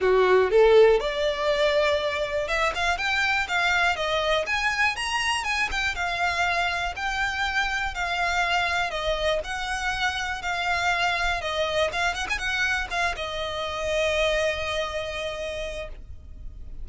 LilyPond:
\new Staff \with { instrumentName = "violin" } { \time 4/4 \tempo 4 = 121 fis'4 a'4 d''2~ | d''4 e''8 f''8 g''4 f''4 | dis''4 gis''4 ais''4 gis''8 g''8 | f''2 g''2 |
f''2 dis''4 fis''4~ | fis''4 f''2 dis''4 | f''8 fis''16 gis''16 fis''4 f''8 dis''4.~ | dis''1 | }